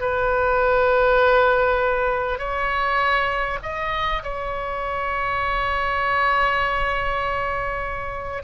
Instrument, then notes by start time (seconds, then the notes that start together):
oboe
0.00 B4
2.38 C#5
3.63 D#5
4.23 C#5